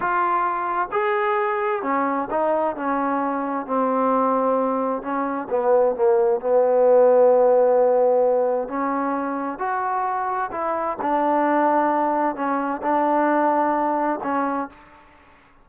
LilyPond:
\new Staff \with { instrumentName = "trombone" } { \time 4/4 \tempo 4 = 131 f'2 gis'2 | cis'4 dis'4 cis'2 | c'2. cis'4 | b4 ais4 b2~ |
b2. cis'4~ | cis'4 fis'2 e'4 | d'2. cis'4 | d'2. cis'4 | }